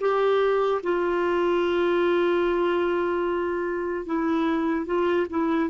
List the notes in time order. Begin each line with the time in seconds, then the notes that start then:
0.00 G4
0.83 F4
4.06 E4
4.86 F4
5.30 E4